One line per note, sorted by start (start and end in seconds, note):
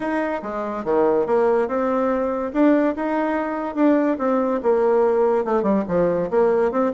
0.00 0.41 D#4
0.42 0.84 G#3
0.84 1.26 D#3
1.26 1.68 A#3
1.68 2.52 C4
2.53 2.95 D4
2.95 3.75 D#4
3.75 4.17 D4
4.18 4.60 C4
4.63 5.45 A#3
5.45 5.62 A3
5.62 5.83 G3
5.88 6.30 F3
6.30 6.71 A#3
6.71 6.92 C4